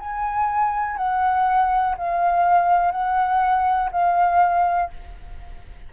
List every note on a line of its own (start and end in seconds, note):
0.00 0.97 G#5
0.97 1.96 F#5
1.98 2.92 F5
2.92 3.90 F#5
3.93 4.91 F5